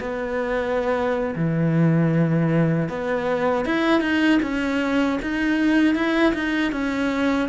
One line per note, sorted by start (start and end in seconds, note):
0.00 1.35 B3
1.36 2.89 E3
2.89 3.65 B3
3.65 4.01 E4
4.01 4.40 D#4
4.42 5.19 C#4
5.22 5.95 D#4
5.95 6.34 E4
6.34 6.72 D#4
6.72 7.49 C#4